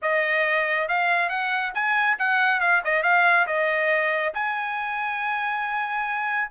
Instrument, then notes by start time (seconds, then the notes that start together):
trumpet
0.01 D#5
0.88 F5
1.29 F#5
1.74 G#5
2.18 F#5
2.60 F5
2.84 D#5
3.02 F5
3.46 D#5
4.34 G#5